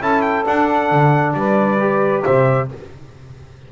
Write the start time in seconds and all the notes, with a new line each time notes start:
0.00 C#4 E4 A4 A5
0.22 G5
0.45 D4 F#5
0.91 D3
1.34 G3 B4 D5
1.79 G4
2.24 C3 C5 E5